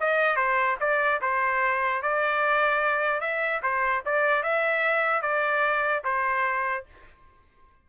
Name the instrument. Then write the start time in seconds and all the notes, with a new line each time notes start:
trumpet
0.00 D#5
0.36 C5
0.80 D5
1.21 C5
2.02 D5
3.20 E5
3.62 C5
4.05 D5
4.43 E5
5.22 D5
6.04 C5